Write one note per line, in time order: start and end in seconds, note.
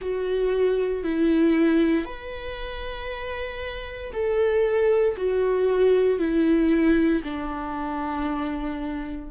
0.00 1.03 F#4
1.03 2.05 E4
2.05 4.12 B4
4.12 5.16 A4
5.17 6.18 F#4
6.18 7.22 E4
7.24 9.30 D4